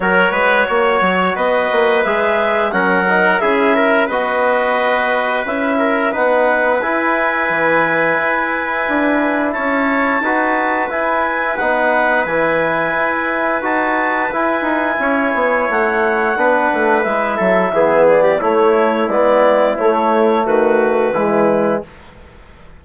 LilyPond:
<<
  \new Staff \with { instrumentName = "clarinet" } { \time 4/4 \tempo 4 = 88 cis''2 dis''4 e''4 | fis''4 e''4 dis''2 | e''4 fis''4 gis''2~ | gis''2 a''2 |
gis''4 fis''4 gis''2 | a''4 gis''2 fis''4~ | fis''4 e''4. d''8 cis''4 | d''4 cis''4 b'2 | }
  \new Staff \with { instrumentName = "trumpet" } { \time 4/4 ais'8 b'8 cis''4 b'2 | ais'4 gis'8 ais'8 b'2~ | b'8 ais'8 b'2.~ | b'2 cis''4 b'4~ |
b'1~ | b'2 cis''2 | b'4. a'8 gis'8. g'16 e'4~ | e'2 fis'4 e'4 | }
  \new Staff \with { instrumentName = "trombone" } { \time 4/4 fis'2. gis'4 | cis'8 dis'8 e'4 fis'2 | e'4 dis'4 e'2~ | e'2. fis'4 |
e'4 dis'4 e'2 | fis'4 e'2. | d'4 e'4 b4 a4 | b4 a2 gis4 | }
  \new Staff \with { instrumentName = "bassoon" } { \time 4/4 fis8 gis8 ais8 fis8 b8 ais8 gis4 | fis4 cis'4 b2 | cis'4 b4 e'4 e4 | e'4 d'4 cis'4 dis'4 |
e'4 b4 e4 e'4 | dis'4 e'8 dis'8 cis'8 b8 a4 | b8 a8 gis8 fis8 e4 a4 | gis4 a4 dis4 e4 | }
>>